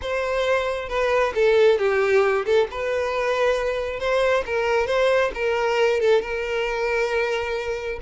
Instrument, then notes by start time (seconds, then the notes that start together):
violin
0.01 C5
0.88 B4
1.35 A4
1.78 G4
2.45 A4
2.71 B4
3.99 C5
4.46 A#4
4.86 C5
5.34 A#4
6.00 A4
6.21 A#4